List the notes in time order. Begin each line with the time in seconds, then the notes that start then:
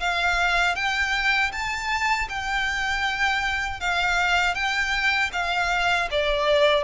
0.00 F5
0.76 G5
1.52 A5
2.29 G5
3.80 F5
4.55 G5
5.33 F5
6.11 D5